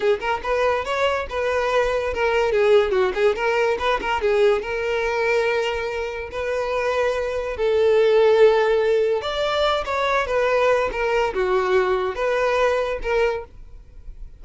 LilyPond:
\new Staff \with { instrumentName = "violin" } { \time 4/4 \tempo 4 = 143 gis'8 ais'8 b'4 cis''4 b'4~ | b'4 ais'4 gis'4 fis'8 gis'8 | ais'4 b'8 ais'8 gis'4 ais'4~ | ais'2. b'4~ |
b'2 a'2~ | a'2 d''4. cis''8~ | cis''8 b'4. ais'4 fis'4~ | fis'4 b'2 ais'4 | }